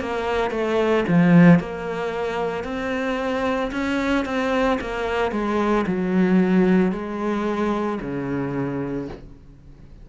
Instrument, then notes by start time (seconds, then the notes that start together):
cello
0.00 A#3
0.51 A3
1.08 F3
1.60 A#3
2.64 C4
3.72 C#4
4.26 C4
4.81 A#3
5.32 G#3
5.87 F#3
6.93 G#3
8.02 C#3